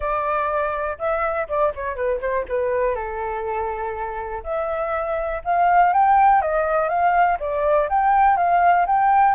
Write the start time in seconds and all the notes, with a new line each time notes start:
0.00 D5
0.98 E5
1.48 D5
1.75 C#5
1.95 B4
2.20 C5
2.48 B4
2.95 A4
4.43 E5
5.44 F5
5.93 G5
6.41 D#5
6.89 F5
7.39 D5
7.89 G5
8.36 F5
8.86 G5